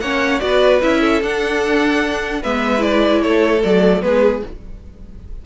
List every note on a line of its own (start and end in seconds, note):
0.00 0.41 A#3
0.00 0.40 C#4
0.00 0.42 C#5
0.00 0.39 F#5
0.39 0.82 B3
0.39 0.80 F#4
0.39 0.79 D5
0.46 1.00 B4
0.81 1.22 C#4
0.81 1.21 E4
0.81 1.22 E5
1.00 2.40 A4
1.22 2.42 D4
1.22 2.43 D4
1.22 2.43 F#5
2.42 3.23 G#3
2.42 2.78 B3
2.42 3.22 B4
2.42 2.82 E5
2.78 3.58 E4
2.78 3.22 D5
3.22 3.63 A3
3.22 4.02 A4
3.22 3.62 C#5
3.63 4.02 F#3
3.63 4.01 A3
3.63 4.02 D5
4.01 4.42 G#3
4.01 4.41 B3
4.01 4.45 G#4
4.01 4.42 B4